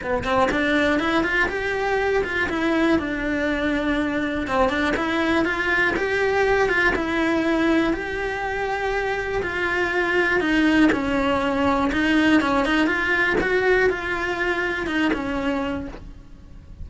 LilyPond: \new Staff \with { instrumentName = "cello" } { \time 4/4 \tempo 4 = 121 b8 c'8 d'4 e'8 f'8 g'4~ | g'8 f'8 e'4 d'2~ | d'4 c'8 d'8 e'4 f'4 | g'4. f'8 e'2 |
g'2. f'4~ | f'4 dis'4 cis'2 | dis'4 cis'8 dis'8 f'4 fis'4 | f'2 dis'8 cis'4. | }